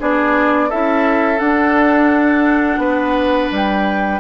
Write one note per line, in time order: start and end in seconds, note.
0.00 0.72 B3
0.00 0.71 D4
0.00 0.70 G#4
0.00 0.71 D5
0.70 1.41 C#4
0.70 1.39 E4
0.70 2.81 A4
0.70 1.40 E5
1.39 4.20 D4
1.39 2.79 D4
1.39 3.51 F#5
2.79 3.49 B3
2.79 4.20 B4
3.52 4.20 G3
3.52 4.20 G5